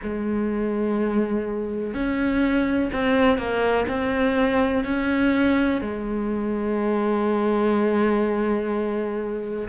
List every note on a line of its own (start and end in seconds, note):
0.02 1.94 G#3
1.94 2.90 C#4
2.92 3.37 C4
3.37 3.86 A#3
3.88 4.84 C4
4.84 5.81 C#4
5.81 9.68 G#3